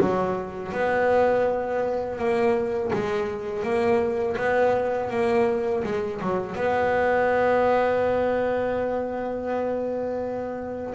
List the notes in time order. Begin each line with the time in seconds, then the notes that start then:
0.00 F#3
0.72 B3
2.18 A#3
2.93 G#3
3.63 A#3
4.37 B3
5.10 A#3
5.84 G#3
6.21 F#3
6.55 B3